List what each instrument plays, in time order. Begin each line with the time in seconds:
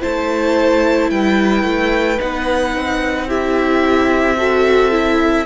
0.00 cello A3, viola E4, violin C5 A5
1.11 cello G3, violin B4 G5
1.64 cello A3
2.19 cello B3, viola D#4, violin F#5
2.76 cello C4
3.27 viola E4, violin G4 E5
4.37 viola F#4, violin A4
4.91 viola E4